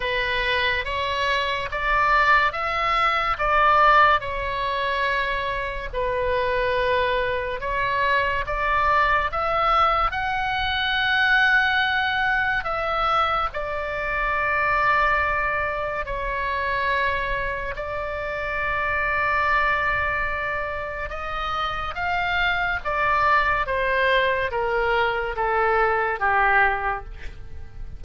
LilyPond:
\new Staff \with { instrumentName = "oboe" } { \time 4/4 \tempo 4 = 71 b'4 cis''4 d''4 e''4 | d''4 cis''2 b'4~ | b'4 cis''4 d''4 e''4 | fis''2. e''4 |
d''2. cis''4~ | cis''4 d''2.~ | d''4 dis''4 f''4 d''4 | c''4 ais'4 a'4 g'4 | }